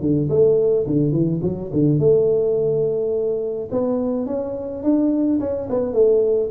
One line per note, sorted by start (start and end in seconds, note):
0.00 0.28 D3
0.29 0.86 A3
0.86 1.12 D3
1.12 1.40 E3
1.42 1.71 F#3
1.72 1.99 D3
1.99 3.69 A3
3.71 4.26 B3
4.26 4.83 C#4
4.83 5.39 D4
5.40 5.68 C#4
5.69 5.93 B3
5.93 6.50 A3